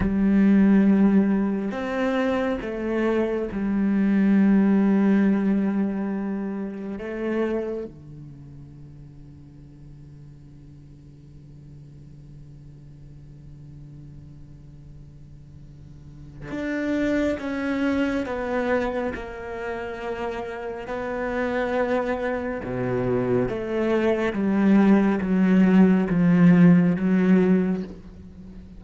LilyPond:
\new Staff \with { instrumentName = "cello" } { \time 4/4 \tempo 4 = 69 g2 c'4 a4 | g1 | a4 d2.~ | d1~ |
d2. d'4 | cis'4 b4 ais2 | b2 b,4 a4 | g4 fis4 f4 fis4 | }